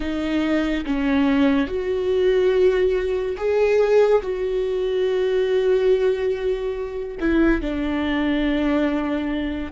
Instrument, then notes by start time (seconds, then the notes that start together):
viola
0.00 D#4
0.85 C#4
1.67 F#4
3.37 G#4
4.22 F#4
7.19 E4
7.61 D4